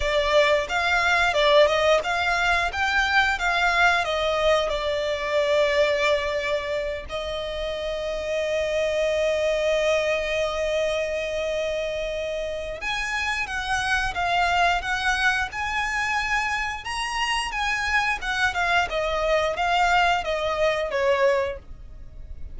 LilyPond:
\new Staff \with { instrumentName = "violin" } { \time 4/4 \tempo 4 = 89 d''4 f''4 d''8 dis''8 f''4 | g''4 f''4 dis''4 d''4~ | d''2~ d''8 dis''4.~ | dis''1~ |
dis''2. gis''4 | fis''4 f''4 fis''4 gis''4~ | gis''4 ais''4 gis''4 fis''8 f''8 | dis''4 f''4 dis''4 cis''4 | }